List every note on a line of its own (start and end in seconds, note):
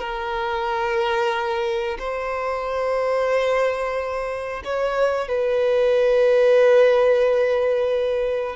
0.00 1.98 A#4
1.99 4.63 C5
4.65 5.28 C#5
5.28 8.56 B4